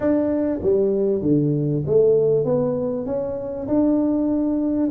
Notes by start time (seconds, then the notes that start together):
0.00 D4
0.62 G3
1.22 D3
1.86 A3
2.44 B3
3.06 C#4
3.67 D4